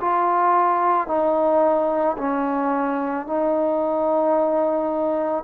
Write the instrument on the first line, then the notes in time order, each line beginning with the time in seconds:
trombone
0.00 F4
1.07 D#4
2.17 C#4
3.26 D#4